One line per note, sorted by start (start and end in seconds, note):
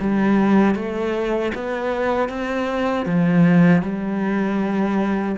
0.00 0.75 G3
0.75 1.52 A3
1.55 2.29 B3
2.29 3.06 C4
3.06 3.82 F3
3.82 5.36 G3